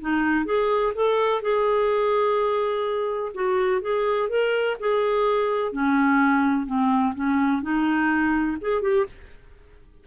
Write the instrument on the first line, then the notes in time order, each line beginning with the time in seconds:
clarinet
0.00 D#4
0.45 G#4
0.95 A4
1.42 G#4
3.34 F#4
3.81 G#4
4.28 A#4
4.79 G#4
5.72 C#4
6.66 C4
7.14 C#4
7.62 D#4
8.61 G#4
8.81 G4